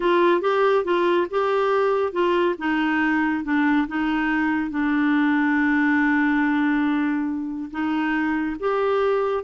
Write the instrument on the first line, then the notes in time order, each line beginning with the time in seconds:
clarinet
0.00 F4
0.41 G4
0.84 F4
1.30 G4
2.12 F4
2.58 D#4
3.44 D4
3.87 D#4
4.70 D4
7.70 D#4
8.59 G4